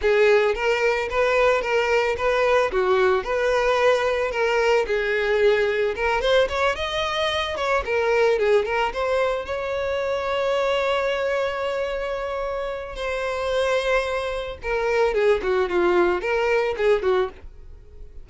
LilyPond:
\new Staff \with { instrumentName = "violin" } { \time 4/4 \tempo 4 = 111 gis'4 ais'4 b'4 ais'4 | b'4 fis'4 b'2 | ais'4 gis'2 ais'8 c''8 | cis''8 dis''4. cis''8 ais'4 gis'8 |
ais'8 c''4 cis''2~ cis''8~ | cis''1 | c''2. ais'4 | gis'8 fis'8 f'4 ais'4 gis'8 fis'8 | }